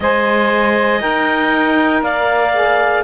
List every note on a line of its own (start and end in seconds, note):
0.00 1.01 G#3
0.00 1.00 C5
0.00 2.02 D#5
0.00 1.00 G#5
1.00 2.03 D#4
1.00 2.53 A#4
1.00 2.02 G5
2.02 3.04 A#3
2.02 3.04 D5
2.02 3.04 F5
2.53 3.04 G#4